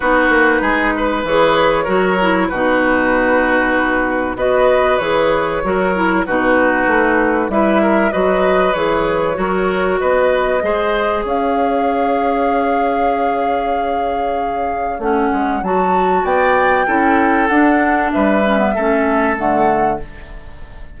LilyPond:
<<
  \new Staff \with { instrumentName = "flute" } { \time 4/4 \tempo 4 = 96 b'2 cis''2 | b'2. dis''4 | cis''2 b'2 | e''4 dis''4 cis''2 |
dis''2 f''2~ | f''1 | fis''4 a''4 g''2 | fis''4 e''2 fis''4 | }
  \new Staff \with { instrumentName = "oboe" } { \time 4/4 fis'4 gis'8 b'4. ais'4 | fis'2. b'4~ | b'4 ais'4 fis'2 | b'8 ais'8 b'2 ais'4 |
b'4 c''4 cis''2~ | cis''1~ | cis''2 d''4 a'4~ | a'4 b'4 a'2 | }
  \new Staff \with { instrumentName = "clarinet" } { \time 4/4 dis'2 gis'4 fis'8 e'8 | dis'2. fis'4 | gis'4 fis'8 e'8 dis'2 | e'4 fis'4 gis'4 fis'4~ |
fis'4 gis'2.~ | gis'1 | cis'4 fis'2 e'4 | d'4. cis'16 b16 cis'4 a4 | }
  \new Staff \with { instrumentName = "bassoon" } { \time 4/4 b8 ais8 gis4 e4 fis4 | b,2. b4 | e4 fis4 b,4 a4 | g4 fis4 e4 fis4 |
b4 gis4 cis'2~ | cis'1 | a8 gis8 fis4 b4 cis'4 | d'4 g4 a4 d4 | }
>>